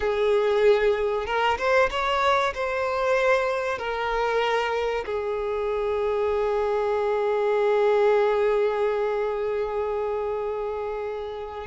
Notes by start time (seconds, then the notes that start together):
0.00 G#4
1.25 A#4
1.58 C5
1.90 C#5
2.54 C5
3.78 A#4
5.05 G#4